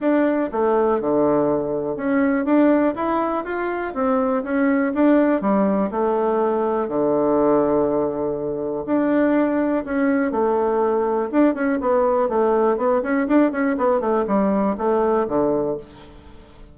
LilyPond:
\new Staff \with { instrumentName = "bassoon" } { \time 4/4 \tempo 4 = 122 d'4 a4 d2 | cis'4 d'4 e'4 f'4 | c'4 cis'4 d'4 g4 | a2 d2~ |
d2 d'2 | cis'4 a2 d'8 cis'8 | b4 a4 b8 cis'8 d'8 cis'8 | b8 a8 g4 a4 d4 | }